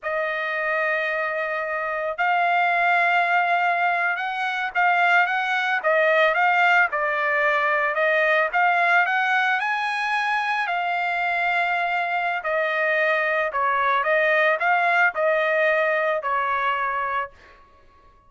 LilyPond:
\new Staff \with { instrumentName = "trumpet" } { \time 4/4 \tempo 4 = 111 dis''1 | f''2.~ f''8. fis''16~ | fis''8. f''4 fis''4 dis''4 f''16~ | f''8. d''2 dis''4 f''16~ |
f''8. fis''4 gis''2 f''16~ | f''2. dis''4~ | dis''4 cis''4 dis''4 f''4 | dis''2 cis''2 | }